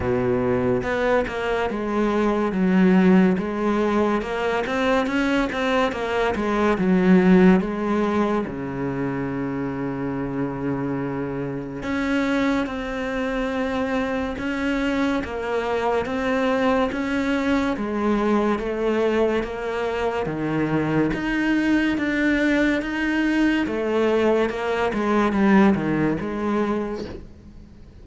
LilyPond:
\new Staff \with { instrumentName = "cello" } { \time 4/4 \tempo 4 = 71 b,4 b8 ais8 gis4 fis4 | gis4 ais8 c'8 cis'8 c'8 ais8 gis8 | fis4 gis4 cis2~ | cis2 cis'4 c'4~ |
c'4 cis'4 ais4 c'4 | cis'4 gis4 a4 ais4 | dis4 dis'4 d'4 dis'4 | a4 ais8 gis8 g8 dis8 gis4 | }